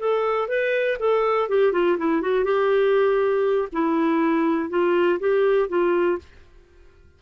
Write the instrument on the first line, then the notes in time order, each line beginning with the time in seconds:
clarinet
0.00 A4
0.48 B4
1.00 A4
1.49 G4
1.73 F4
1.98 E4
2.22 F#4
2.45 G4
3.73 E4
4.70 F4
5.20 G4
5.69 F4